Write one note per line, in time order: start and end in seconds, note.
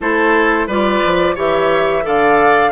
0.00 0.67 A3
0.00 0.69 E4
0.00 0.67 A4
0.00 0.69 C5
0.67 1.01 G3
0.67 1.36 F4
0.67 1.35 B4
0.67 1.38 D5
1.05 1.37 F3
1.35 2.05 E3
1.35 2.02 G4
1.35 2.03 C#5
1.35 2.07 E5
2.02 2.71 D3
2.02 2.70 A4
2.02 2.71 D5
2.02 2.71 F5